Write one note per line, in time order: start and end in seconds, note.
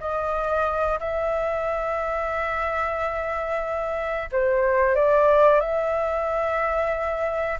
0.00 0.99 D#5
1.00 4.29 E5
4.32 4.95 C5
4.95 5.60 D5
5.60 7.58 E5